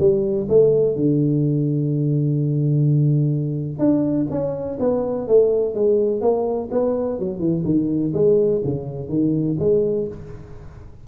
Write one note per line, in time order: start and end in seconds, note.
0.00 0.48 G3
0.49 0.96 A3
0.96 3.79 D3
3.79 4.27 D4
4.31 4.79 C#4
4.80 5.28 B3
5.28 5.75 A3
5.75 6.22 G#3
6.22 6.70 A#3
6.72 7.19 B3
7.19 7.40 F#3
7.40 7.64 E3
7.65 8.13 D#3
8.14 8.62 G#3
8.65 9.09 C#3
9.09 9.57 D#3
9.60 10.08 G#3